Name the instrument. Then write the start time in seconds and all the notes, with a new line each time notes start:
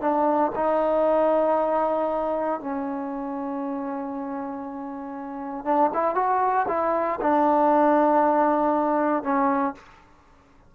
trombone
0.00 D4
0.55 D#4
2.60 C#4
5.65 D4
5.93 E4
6.15 F#4
6.68 E4
7.21 D4
9.23 C#4